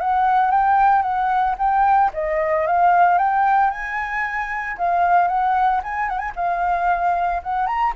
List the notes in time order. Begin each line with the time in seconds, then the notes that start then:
0.00 F#5
0.51 G5
1.02 F#5
1.58 G5
2.13 D#5
2.66 F5
3.18 G5
3.70 G#5
4.78 F5
5.28 F#5
5.83 G#5
6.09 F#5
6.18 G#5
6.36 F5
7.43 F#5
7.66 A#5